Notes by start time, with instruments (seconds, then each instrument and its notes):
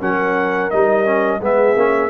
0.00 tuba F#3, trombone C#4, horn A#4, trumpet F#5
0.70 tuba G3, trombone D#4, trumpet D#5
1.05 trombone C#4
1.39 tuba G#3, trombone B3, horn G#4, trumpet E5
1.75 tuba A#3, trombone C#4